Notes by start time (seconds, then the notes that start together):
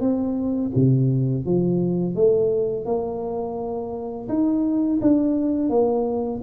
0.00 C4
0.75 C3
1.45 F3
2.15 A3
2.85 A#3
4.28 D#4
5.01 D4
5.69 A#3